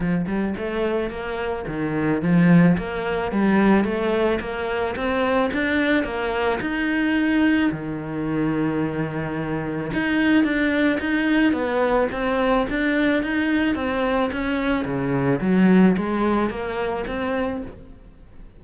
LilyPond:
\new Staff \with { instrumentName = "cello" } { \time 4/4 \tempo 4 = 109 f8 g8 a4 ais4 dis4 | f4 ais4 g4 a4 | ais4 c'4 d'4 ais4 | dis'2 dis2~ |
dis2 dis'4 d'4 | dis'4 b4 c'4 d'4 | dis'4 c'4 cis'4 cis4 | fis4 gis4 ais4 c'4 | }